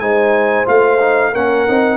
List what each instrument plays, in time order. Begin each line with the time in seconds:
0.00 tuba G#3, trombone D#4, horn C5, trumpet G#5
0.66 tuba A3, trombone F4, trumpet F5
1.00 trombone D#4
1.32 tuba A#3, trombone C#4, horn A#4, trumpet F#5
1.68 tuba C4, trombone D#4